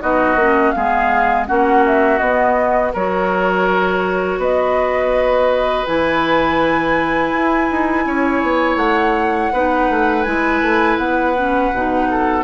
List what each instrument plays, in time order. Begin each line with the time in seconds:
0.00 bassoon B3, clarinet D#4, oboe F#4, flute D#5
0.35 bassoon A#3, clarinet C#4
0.71 bassoon G#3, clarinet B3, oboe G#4, flute F5
1.46 bassoon A#3, clarinet C#4, oboe F#4, flute F#5
1.86 flute E5
2.18 bassoon B3, clarinet B3, flute D#5
2.93 bassoon F#3, clarinet F#4, oboe A#4, flute C#5
4.37 bassoon B3, oboe B4, flute D#5
5.86 bassoon E3, clarinet E4, flute G#5
7.32 bassoon E4
7.71 bassoon D#4
8.06 bassoon C#4, oboe C#5
8.42 bassoon B3
8.76 bassoon A3, flute F#5
9.52 bassoon B3, clarinet D#4, oboe B4
9.89 bassoon A3
10.23 bassoon G#3, clarinet E4, flute G#5
10.61 bassoon A3
10.97 bassoon B3, flute F#5
11.36 clarinet C#4
11.72 bassoon B2, clarinet D#4
12.10 oboe A4